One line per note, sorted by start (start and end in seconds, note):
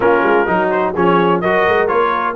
0.00 0.21 A#3
0.00 0.46 C#4
0.00 0.47 F4
0.00 0.70 A#4
0.22 0.46 G#3
0.46 0.95 F#3
0.46 0.93 D#4
0.46 0.92 F#4
0.70 0.94 C5
0.92 1.43 F3
0.92 1.43 C#4
0.92 1.39 G#4
0.92 1.40 C#5
1.40 1.67 F#3
1.40 1.88 F#4
1.40 2.35 A#4
1.40 1.87 D#5
1.67 1.91 G#3
1.87 2.35 A#3
1.87 2.35 F4
1.87 2.34 C#5